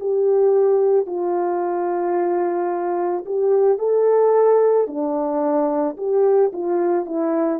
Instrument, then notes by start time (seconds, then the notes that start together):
horn
0.00 G4
1.06 F4
3.26 G4
3.78 A4
4.87 D4
5.97 G4
6.53 F4
7.06 E4